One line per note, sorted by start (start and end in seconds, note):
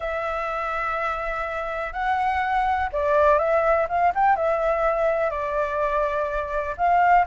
0.00 1.92 E5
1.92 2.89 F#5
2.92 3.38 D5
3.38 3.87 E5
3.88 4.12 F5
4.14 4.36 G5
4.36 5.30 E5
5.30 6.75 D5
6.77 7.25 F5